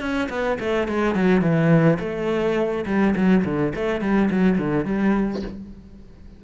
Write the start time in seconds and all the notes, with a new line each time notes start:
0.00 C#4
0.29 B3
0.60 A3
0.88 G#3
1.15 F#3
1.41 E3
1.99 A3
2.86 G3
3.16 F#3
3.44 D3
3.75 A3
4.01 G3
4.31 F#3
4.58 D3
4.85 G3